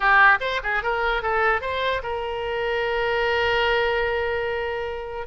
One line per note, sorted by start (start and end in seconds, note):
0.00 0.38 G4
0.40 0.60 C5
0.63 0.82 G#4
0.82 1.22 A#4
1.22 1.61 A4
1.61 2.02 C5
2.03 5.26 A#4